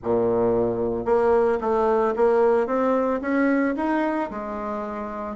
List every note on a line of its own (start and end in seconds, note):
0.03 1.05 A#2
1.05 1.58 A#3
1.60 2.14 A3
2.16 2.66 A#3
2.66 3.20 C4
3.21 3.75 C#4
3.76 4.30 D#4
4.30 5.35 G#3